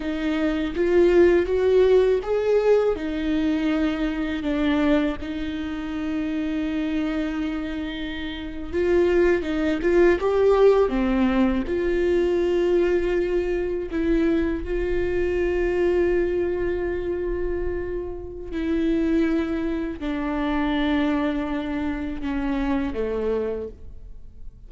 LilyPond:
\new Staff \with { instrumentName = "viola" } { \time 4/4 \tempo 4 = 81 dis'4 f'4 fis'4 gis'4 | dis'2 d'4 dis'4~ | dis'2.~ dis'8. f'16~ | f'8. dis'8 f'8 g'4 c'4 f'16~ |
f'2~ f'8. e'4 f'16~ | f'1~ | f'4 e'2 d'4~ | d'2 cis'4 a4 | }